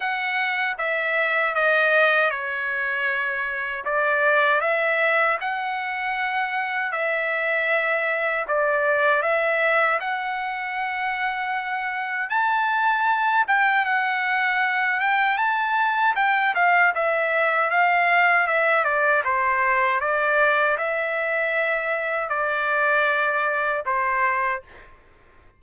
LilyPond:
\new Staff \with { instrumentName = "trumpet" } { \time 4/4 \tempo 4 = 78 fis''4 e''4 dis''4 cis''4~ | cis''4 d''4 e''4 fis''4~ | fis''4 e''2 d''4 | e''4 fis''2. |
a''4. g''8 fis''4. g''8 | a''4 g''8 f''8 e''4 f''4 | e''8 d''8 c''4 d''4 e''4~ | e''4 d''2 c''4 | }